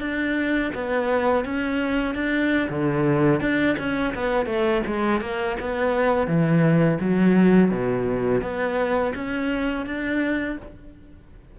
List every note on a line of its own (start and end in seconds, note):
0.00 0.71 D4
0.74 1.45 B3
1.45 2.15 C#4
2.15 2.69 D4
2.69 3.41 D3
3.41 3.76 D4
3.79 4.14 C#4
4.15 4.46 B3
4.46 4.82 A3
4.86 5.21 G#3
5.21 5.57 A#3
5.60 6.27 B3
6.27 6.99 E3
7.01 7.71 F#3
7.71 8.42 B2
8.42 9.13 B3
9.15 9.86 C#4
9.86 10.57 D4